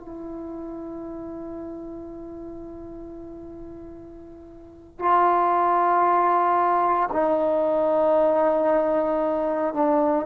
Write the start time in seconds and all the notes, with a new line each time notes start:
0.00 E4
4.99 F4
7.12 D#4
9.74 D4